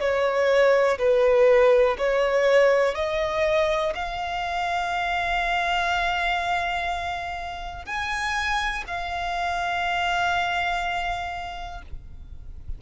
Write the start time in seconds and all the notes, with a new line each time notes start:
0.00 C#5
0.99 B4
1.99 C#5
2.95 D#5
3.95 F5
7.86 G#5
8.87 F5